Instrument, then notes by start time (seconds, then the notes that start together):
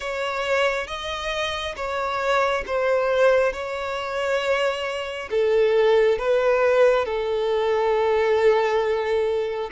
violin
0.00 C#5
0.87 D#5
1.76 C#5
2.66 C5
3.53 C#5
5.30 A4
6.18 B4
7.05 A4